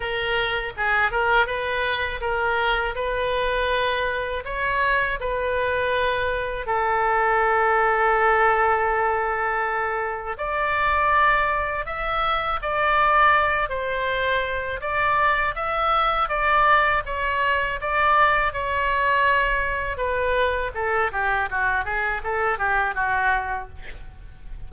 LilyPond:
\new Staff \with { instrumentName = "oboe" } { \time 4/4 \tempo 4 = 81 ais'4 gis'8 ais'8 b'4 ais'4 | b'2 cis''4 b'4~ | b'4 a'2.~ | a'2 d''2 |
e''4 d''4. c''4. | d''4 e''4 d''4 cis''4 | d''4 cis''2 b'4 | a'8 g'8 fis'8 gis'8 a'8 g'8 fis'4 | }